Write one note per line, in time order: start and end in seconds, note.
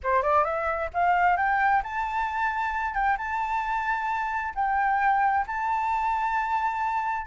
0.03 0.22 C5
0.22 0.44 D5
0.44 0.89 E5
0.93 1.36 F5
1.36 1.82 G5
1.83 2.94 A5
2.94 3.17 G5
3.17 4.53 A5
4.55 5.45 G5
5.47 7.26 A5